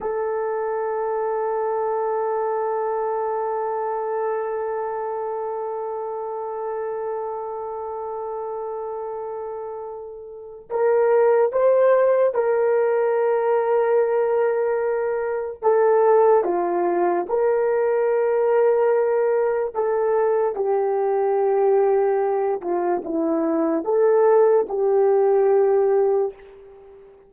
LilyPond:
\new Staff \with { instrumentName = "horn" } { \time 4/4 \tempo 4 = 73 a'1~ | a'1~ | a'1~ | a'4 ais'4 c''4 ais'4~ |
ais'2. a'4 | f'4 ais'2. | a'4 g'2~ g'8 f'8 | e'4 a'4 g'2 | }